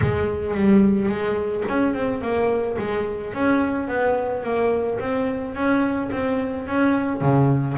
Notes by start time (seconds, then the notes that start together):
0.01 G#3
0.54 G3
1.08 G#3
1.68 C#4
1.94 C4
2.21 A#3
2.78 G#3
3.33 C#4
3.87 B3
4.43 A#3
4.99 C4
5.54 C#4
6.11 C4
6.67 C#4
7.21 C#3